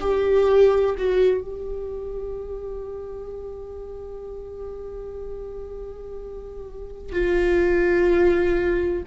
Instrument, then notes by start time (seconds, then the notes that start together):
viola
0.00 G4
0.98 F#4
1.41 G4
7.12 F4